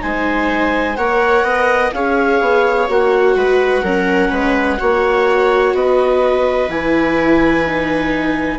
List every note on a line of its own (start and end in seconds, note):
0.00 0.97 G#3
0.00 0.95 D#4
0.00 0.98 C5
0.00 0.96 G#5
0.96 1.43 A#3
0.96 1.93 A#4
0.96 1.44 C#5
0.96 1.91 F#5
1.43 1.91 B3
1.43 1.92 D#5
1.93 2.41 C#4
1.93 2.89 G#4
1.93 3.36 C#5
1.93 2.88 F5
2.41 2.88 B3
2.89 3.36 A#3
2.89 3.84 F#4
2.89 5.75 F#5
3.36 3.83 G#3
3.36 3.83 B4
3.83 4.31 F#3
3.83 4.78 C#4
3.83 4.30 A#4
4.30 4.79 G#3
4.30 4.78 B4
4.78 5.74 A#3
4.78 6.68 F#4
4.78 5.75 C#5
5.74 6.69 B3
5.74 8.59 B4
5.74 6.70 D#5
6.69 8.59 E3
6.69 7.66 E4
6.69 8.59 G#5
7.66 8.59 D#4